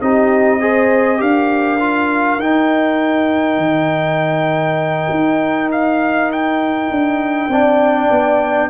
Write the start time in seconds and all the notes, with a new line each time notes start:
0.00 C4 D#4 G4 D#5
0.60 G#4 C5
1.17 D4 G4 A#4 F5
1.79 F4
2.38 D#4 G5
3.57 D#3
5.10 D#4
5.71 F5
6.32 G5
6.91 D4
7.48 C4 D4 D5
8.10 B3